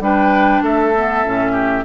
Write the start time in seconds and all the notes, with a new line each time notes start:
0.00 G3 D4 B4 G5
0.62 A3 A4 E5
0.95 B3
1.24 A2 C#4
1.52 G4